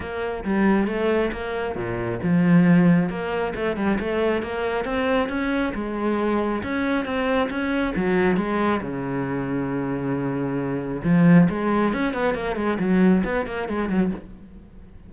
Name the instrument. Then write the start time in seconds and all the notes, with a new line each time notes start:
cello
0.00 A#3
0.44 G3
0.87 A3
1.32 A#3
1.75 A#2
2.22 F3
3.09 A#3
3.55 A3
3.76 G3
3.99 A3
4.42 A#3
4.84 C4
5.28 C#4
5.74 G#3
6.63 C#4
7.05 C4
7.49 C#4
7.95 F#3
8.36 G#3
8.81 C#3
11.04 F3
11.49 G#3
11.93 C#4
12.13 B3
12.34 A#3
12.56 G#3
12.79 F#3
13.24 B3
13.46 A#3
13.68 G#3
13.89 F#3